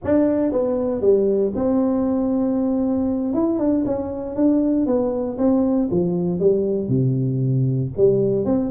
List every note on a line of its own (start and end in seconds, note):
0.04 0.52 D4
0.52 1.01 B3
1.01 1.52 G3
1.55 3.33 C4
3.33 3.58 E4
3.58 3.84 D4
3.85 4.35 C#4
4.35 4.86 D4
4.86 5.37 B3
5.38 5.89 C4
5.90 6.39 F3
6.39 6.88 G3
6.88 7.91 C3
7.96 8.45 G3
8.45 8.70 C4